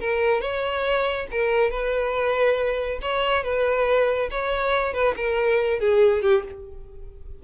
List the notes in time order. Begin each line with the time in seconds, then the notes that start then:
0.00 A#4
0.41 C#5
1.31 A#4
1.70 B4
3.02 C#5
3.44 B4
4.31 C#5
4.93 B4
5.16 A#4
5.80 G#4
6.22 G4